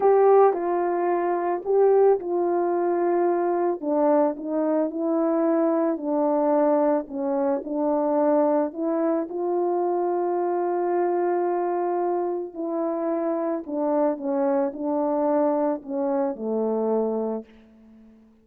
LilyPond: \new Staff \with { instrumentName = "horn" } { \time 4/4 \tempo 4 = 110 g'4 f'2 g'4 | f'2. d'4 | dis'4 e'2 d'4~ | d'4 cis'4 d'2 |
e'4 f'2.~ | f'2. e'4~ | e'4 d'4 cis'4 d'4~ | d'4 cis'4 a2 | }